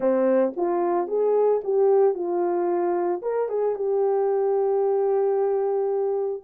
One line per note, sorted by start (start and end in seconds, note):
0.00 0.53 C4
0.56 1.07 F4
1.07 1.61 G#4
1.64 2.14 G4
2.14 3.21 F4
3.22 3.48 A#4
3.48 3.75 G#4
3.75 6.43 G4